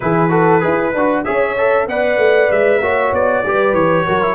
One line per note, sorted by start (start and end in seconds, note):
0.00 0.64 E3
0.00 0.29 E4
0.00 0.30 G#4
0.00 1.23 B4
0.29 0.60 F#4
0.29 0.61 A4
0.60 0.94 E4
0.60 0.91 G#4
0.60 1.23 B4
0.94 1.25 D4
0.94 1.25 F#4
1.23 1.87 C#4
1.23 1.56 G#4
1.23 1.87 C#5
1.23 1.86 E5
1.57 1.88 A4
1.87 2.17 B3
1.87 2.82 B4
1.87 2.81 D5
1.87 2.51 F#5
2.17 2.48 A3
2.51 2.80 G#3
2.51 3.14 E5
2.80 3.11 A#3
2.80 3.44 F#4
2.80 3.44 C#5
3.12 3.43 B3
3.12 3.74 D5
3.45 3.73 G3
3.45 4.07 G4
3.45 4.05 B4
3.73 4.04 E3
3.73 4.35 C#5
4.05 4.35 F#3
4.05 4.21 F#4
4.05 4.35 A#4
4.21 4.35 E4